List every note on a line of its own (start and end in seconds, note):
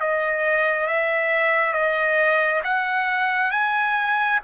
0.00 0.87 D#5
0.87 1.73 E5
1.73 2.61 D#5
2.64 3.51 F#5
3.51 4.39 G#5